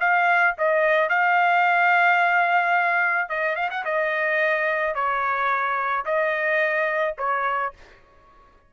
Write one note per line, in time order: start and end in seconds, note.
0.00 0.55 F5
0.58 1.09 D#5
1.09 3.29 F5
3.29 3.56 D#5
3.56 3.70 F5
3.71 3.84 F#5
3.85 4.95 D#5
4.95 6.05 C#5
6.05 7.15 D#5
7.18 7.73 C#5